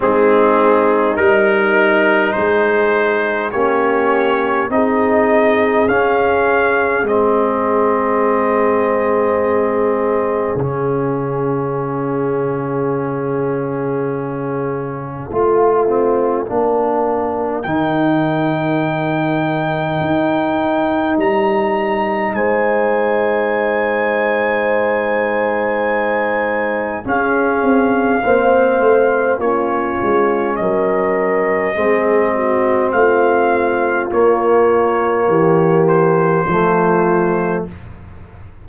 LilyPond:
<<
  \new Staff \with { instrumentName = "trumpet" } { \time 4/4 \tempo 4 = 51 gis'4 ais'4 c''4 cis''4 | dis''4 f''4 dis''2~ | dis''4 f''2.~ | f''2. g''4~ |
g''2 ais''4 gis''4~ | gis''2. f''4~ | f''4 cis''4 dis''2 | f''4 cis''4. c''4. | }
  \new Staff \with { instrumentName = "horn" } { \time 4/4 dis'2 gis'4 g'4 | gis'1~ | gis'1~ | gis'4 f'4 ais'2~ |
ais'2. c''4~ | c''2. gis'4 | c''4 f'4 ais'4 gis'8 fis'8 | f'2 g'4 f'4 | }
  \new Staff \with { instrumentName = "trombone" } { \time 4/4 c'4 dis'2 cis'4 | dis'4 cis'4 c'2~ | c'4 cis'2.~ | cis'4 f'8 c'8 d'4 dis'4~ |
dis'1~ | dis'2. cis'4 | c'4 cis'2 c'4~ | c'4 ais2 a4 | }
  \new Staff \with { instrumentName = "tuba" } { \time 4/4 gis4 g4 gis4 ais4 | c'4 cis'4 gis2~ | gis4 cis2.~ | cis4 a4 ais4 dis4~ |
dis4 dis'4 g4 gis4~ | gis2. cis'8 c'8 | ais8 a8 ais8 gis8 fis4 gis4 | a4 ais4 e4 f4 | }
>>